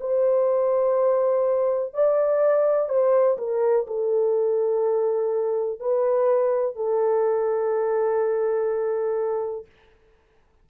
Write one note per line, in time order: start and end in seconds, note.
0.00 1.94 C5
1.94 2.89 D5
2.89 3.37 C5
3.38 3.86 A#4
3.87 5.79 A4
5.79 6.76 B4
6.76 9.66 A4